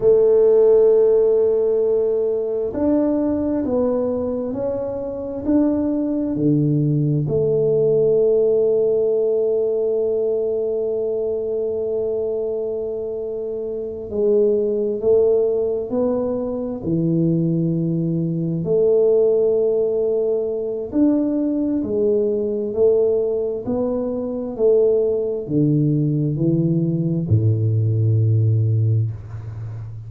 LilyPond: \new Staff \with { instrumentName = "tuba" } { \time 4/4 \tempo 4 = 66 a2. d'4 | b4 cis'4 d'4 d4 | a1~ | a2.~ a8 gis8~ |
gis8 a4 b4 e4.~ | e8 a2~ a8 d'4 | gis4 a4 b4 a4 | d4 e4 a,2 | }